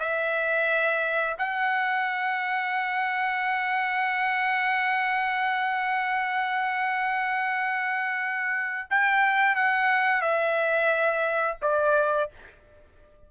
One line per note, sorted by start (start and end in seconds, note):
0.00 1.36 E5
1.39 8.89 F#5
8.90 9.56 G5
9.56 10.22 F#5
10.22 11.58 E5
11.62 12.30 D5